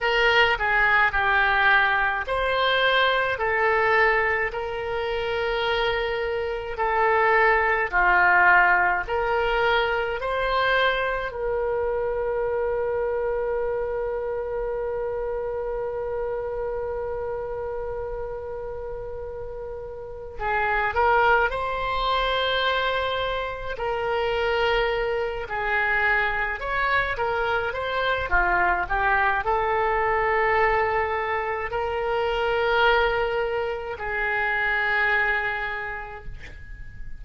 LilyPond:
\new Staff \with { instrumentName = "oboe" } { \time 4/4 \tempo 4 = 53 ais'8 gis'8 g'4 c''4 a'4 | ais'2 a'4 f'4 | ais'4 c''4 ais'2~ | ais'1~ |
ais'2 gis'8 ais'8 c''4~ | c''4 ais'4. gis'4 cis''8 | ais'8 c''8 f'8 g'8 a'2 | ais'2 gis'2 | }